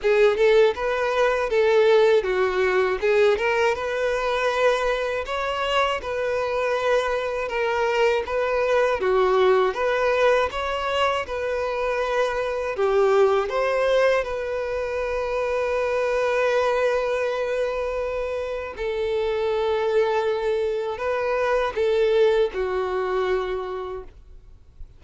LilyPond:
\new Staff \with { instrumentName = "violin" } { \time 4/4 \tempo 4 = 80 gis'8 a'8 b'4 a'4 fis'4 | gis'8 ais'8 b'2 cis''4 | b'2 ais'4 b'4 | fis'4 b'4 cis''4 b'4~ |
b'4 g'4 c''4 b'4~ | b'1~ | b'4 a'2. | b'4 a'4 fis'2 | }